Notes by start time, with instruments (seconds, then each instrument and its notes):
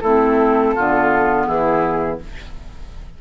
0.00 bassoon A3, clarinet C4, oboe E4, flute A4
0.75 bassoon D3, clarinet B3, oboe F4
1.47 bassoon E3, oboe E4, flute G#4